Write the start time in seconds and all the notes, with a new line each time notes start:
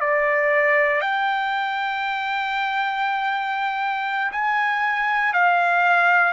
0.00 D5
1.01 G5
4.32 G#5
5.33 F5